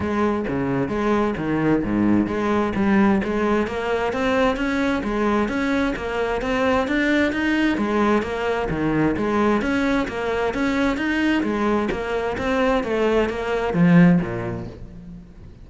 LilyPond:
\new Staff \with { instrumentName = "cello" } { \time 4/4 \tempo 4 = 131 gis4 cis4 gis4 dis4 | gis,4 gis4 g4 gis4 | ais4 c'4 cis'4 gis4 | cis'4 ais4 c'4 d'4 |
dis'4 gis4 ais4 dis4 | gis4 cis'4 ais4 cis'4 | dis'4 gis4 ais4 c'4 | a4 ais4 f4 ais,4 | }